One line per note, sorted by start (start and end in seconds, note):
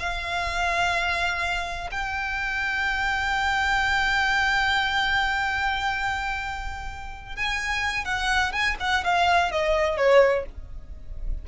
0.00 1.90 F5
1.92 7.37 G5
7.37 8.05 G#5
8.05 8.53 F#5
8.53 8.77 G#5
8.81 9.04 F#5
9.05 9.52 F5
9.52 9.98 D#5
9.98 10.46 C#5